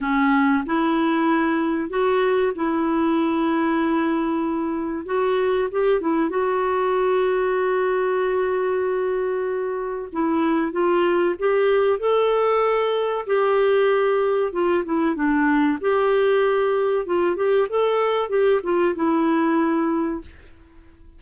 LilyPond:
\new Staff \with { instrumentName = "clarinet" } { \time 4/4 \tempo 4 = 95 cis'4 e'2 fis'4 | e'1 | fis'4 g'8 e'8 fis'2~ | fis'1 |
e'4 f'4 g'4 a'4~ | a'4 g'2 f'8 e'8 | d'4 g'2 f'8 g'8 | a'4 g'8 f'8 e'2 | }